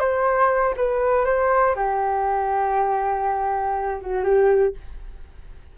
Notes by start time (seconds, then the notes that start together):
0.00 C5
0.77 B4
1.25 C5
1.76 G4
4.02 F#4
4.24 G4